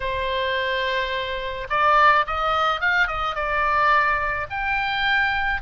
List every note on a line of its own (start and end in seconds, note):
0.00 1.67 C5
1.69 2.25 D5
2.27 2.80 D#5
2.80 3.07 F5
3.07 3.35 D#5
3.35 4.47 D5
4.50 5.61 G5